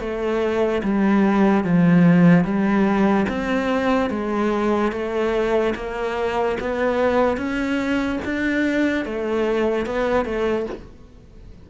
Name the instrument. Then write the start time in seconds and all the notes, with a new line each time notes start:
cello
0.00 A3
0.83 G3
1.64 F3
2.44 G3
3.29 C4
4.10 G#3
4.92 A3
5.75 A#3
6.60 B3
7.37 C#4
8.25 D4
9.05 A3
9.86 B3
10.25 A3